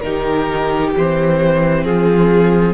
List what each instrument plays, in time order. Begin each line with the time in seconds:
0.00 cello D#3, viola D#4, violin G4 A#4
0.96 cello E3, viola C4, violin C5
1.84 cello F3, violin F4 G#4